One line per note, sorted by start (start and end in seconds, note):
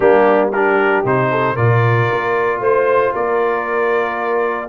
0.00 1.03 G3
0.00 0.52 A#3
0.00 0.49 D4
0.00 0.48 G4
0.49 1.05 D4
0.49 1.28 G4
0.49 1.04 A#4
1.04 1.56 C3
1.04 1.55 D#4
1.04 1.56 C5
1.30 1.54 A4
1.54 2.08 A#2
1.54 4.68 F4
1.54 2.58 A#4
1.54 2.60 D5
2.11 2.59 A#3
2.59 3.11 A3
2.59 3.12 C5
2.59 3.14 C5
3.12 4.69 A#3
3.12 4.69 A#4
3.12 4.69 D5